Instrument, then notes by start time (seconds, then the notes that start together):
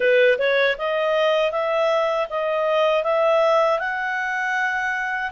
clarinet
0.00 B4
0.38 C#5
0.78 D#5
1.51 E5
2.29 D#5
3.03 E5
3.79 F#5